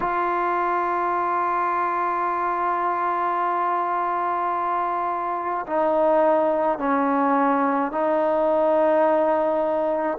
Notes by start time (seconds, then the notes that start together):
0.00 F4
5.66 D#4
6.78 C#4
7.91 D#4